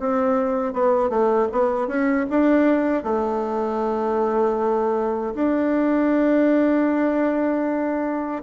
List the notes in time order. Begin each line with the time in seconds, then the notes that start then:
0.00 C4
0.74 B3
1.10 A3
1.52 B3
1.88 C#4
2.30 D4
3.04 A3
5.35 D4